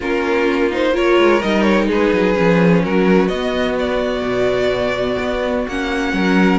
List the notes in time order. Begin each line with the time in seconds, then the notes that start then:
0.00 A#3 C#4 F4 A#4
0.70 D#4 C5
0.92 F4 A#4 C#5
1.18 G#3
1.42 G3 D#4 D#5
1.62 C#5
1.87 G#3 G#4 B4
2.12 F#3
2.34 F3 C#4
2.83 F#3 F#4 A#4
3.28 B3 D#5
3.78 D5
4.22 B2
5.19 B3
5.67 A#3 C#4 F#5
6.12 F#3 A#4